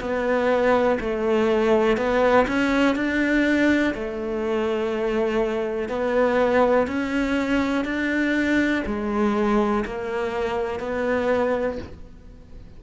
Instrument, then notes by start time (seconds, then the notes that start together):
cello
0.00 B3
1.00 A3
1.97 B3
2.48 C#4
2.96 D4
3.94 A3
5.89 B3
6.87 C#4
7.85 D4
8.86 G#3
9.85 A#3
10.80 B3